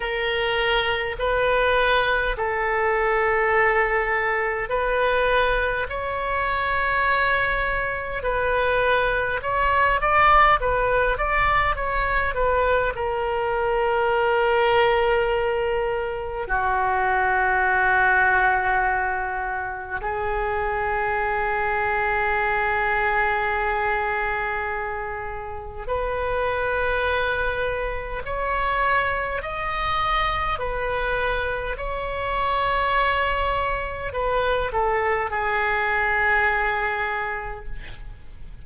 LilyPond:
\new Staff \with { instrumentName = "oboe" } { \time 4/4 \tempo 4 = 51 ais'4 b'4 a'2 | b'4 cis''2 b'4 | cis''8 d''8 b'8 d''8 cis''8 b'8 ais'4~ | ais'2 fis'2~ |
fis'4 gis'2.~ | gis'2 b'2 | cis''4 dis''4 b'4 cis''4~ | cis''4 b'8 a'8 gis'2 | }